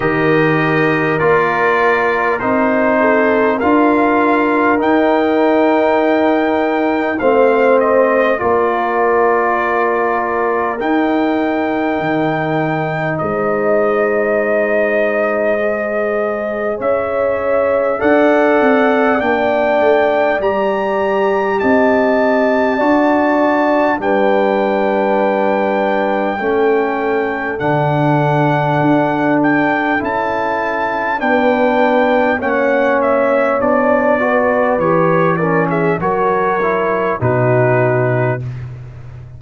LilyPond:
<<
  \new Staff \with { instrumentName = "trumpet" } { \time 4/4 \tempo 4 = 50 dis''4 d''4 c''4 f''4 | g''2 f''8 dis''8 d''4~ | d''4 g''2 dis''4~ | dis''2 e''4 fis''4 |
g''4 ais''4 a''2 | g''2. fis''4~ | fis''8 g''8 a''4 g''4 fis''8 e''8 | d''4 cis''8 d''16 e''16 cis''4 b'4 | }
  \new Staff \with { instrumentName = "horn" } { \time 4/4 ais'2~ ais'8 a'8 ais'4~ | ais'2 c''4 ais'4~ | ais'2. c''4~ | c''2 cis''4 d''4~ |
d''2 dis''4 d''4 | b'2 a'2~ | a'2 b'4 cis''4~ | cis''8 b'4 ais'16 gis'16 ais'4 fis'4 | }
  \new Staff \with { instrumentName = "trombone" } { \time 4/4 g'4 f'4 dis'4 f'4 | dis'2 c'4 f'4~ | f'4 dis'2.~ | dis'4 gis'2 a'4 |
d'4 g'2 fis'4 | d'2 cis'4 d'4~ | d'4 e'4 d'4 cis'4 | d'8 fis'8 g'8 cis'8 fis'8 e'8 dis'4 | }
  \new Staff \with { instrumentName = "tuba" } { \time 4/4 dis4 ais4 c'4 d'4 | dis'2 a4 ais4~ | ais4 dis'4 dis4 gis4~ | gis2 cis'4 d'8 c'8 |
ais8 a8 g4 c'4 d'4 | g2 a4 d4 | d'4 cis'4 b4 ais4 | b4 e4 fis4 b,4 | }
>>